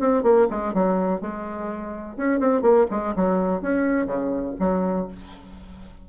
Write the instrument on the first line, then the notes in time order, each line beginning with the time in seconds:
bassoon
0.00 C4
0.23 A#3
0.50 G#3
0.74 F#3
1.21 G#3
2.17 C#4
2.40 C4
2.62 A#3
2.91 G#3
3.16 F#3
3.62 C#4
4.06 C#3
4.59 F#3